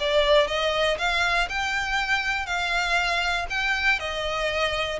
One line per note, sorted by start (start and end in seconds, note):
0.00 0.47 D5
0.47 0.97 D#5
0.98 1.48 F5
1.49 2.46 G5
2.46 3.46 F5
3.50 4.00 G5
4.00 5.00 D#5